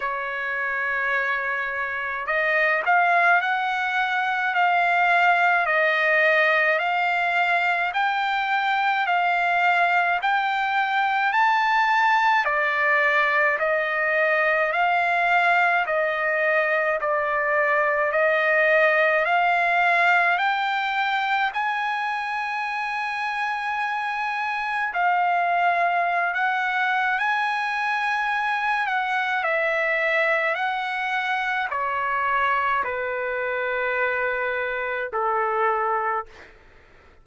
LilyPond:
\new Staff \with { instrumentName = "trumpet" } { \time 4/4 \tempo 4 = 53 cis''2 dis''8 f''8 fis''4 | f''4 dis''4 f''4 g''4 | f''4 g''4 a''4 d''4 | dis''4 f''4 dis''4 d''4 |
dis''4 f''4 g''4 gis''4~ | gis''2 f''4~ f''16 fis''8. | gis''4. fis''8 e''4 fis''4 | cis''4 b'2 a'4 | }